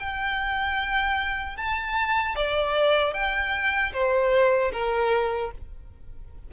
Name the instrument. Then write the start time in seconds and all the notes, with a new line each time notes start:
violin
0.00 G5
1.57 A5
2.36 D5
3.14 G5
3.93 C5
4.73 A#4